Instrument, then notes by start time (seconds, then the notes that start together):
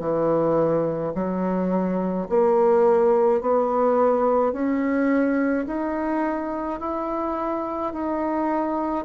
bassoon
0.00 E3
1.14 F#3
2.29 A#3
3.41 B3
4.53 C#4
5.67 D#4
6.80 E4
7.93 D#4